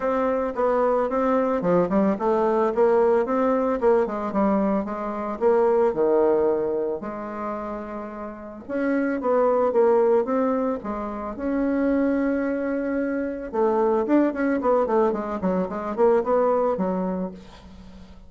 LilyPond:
\new Staff \with { instrumentName = "bassoon" } { \time 4/4 \tempo 4 = 111 c'4 b4 c'4 f8 g8 | a4 ais4 c'4 ais8 gis8 | g4 gis4 ais4 dis4~ | dis4 gis2. |
cis'4 b4 ais4 c'4 | gis4 cis'2.~ | cis'4 a4 d'8 cis'8 b8 a8 | gis8 fis8 gis8 ais8 b4 fis4 | }